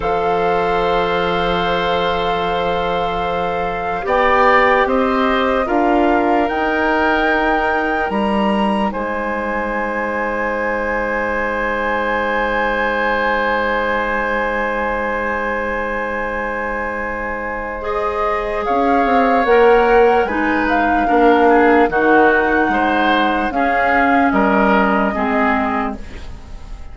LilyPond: <<
  \new Staff \with { instrumentName = "flute" } { \time 4/4 \tempo 4 = 74 f''1~ | f''4 g''4 dis''4 f''4 | g''2 ais''4 gis''4~ | gis''1~ |
gis''1~ | gis''2 dis''4 f''4 | fis''4 gis''8 f''4. fis''4~ | fis''4 f''4 dis''2 | }
  \new Staff \with { instrumentName = "oboe" } { \time 4/4 c''1~ | c''4 d''4 c''4 ais'4~ | ais'2. c''4~ | c''1~ |
c''1~ | c''2. cis''4~ | cis''4 b'4 ais'8 gis'8 fis'4 | c''4 gis'4 ais'4 gis'4 | }
  \new Staff \with { instrumentName = "clarinet" } { \time 4/4 a'1~ | a'4 g'2 f'4 | dis'1~ | dis'1~ |
dis'1~ | dis'2 gis'2 | ais'4 dis'4 d'4 dis'4~ | dis'4 cis'2 c'4 | }
  \new Staff \with { instrumentName = "bassoon" } { \time 4/4 f1~ | f4 b4 c'4 d'4 | dis'2 g4 gis4~ | gis1~ |
gis1~ | gis2. cis'8 c'8 | ais4 gis4 ais4 dis4 | gis4 cis'4 g4 gis4 | }
>>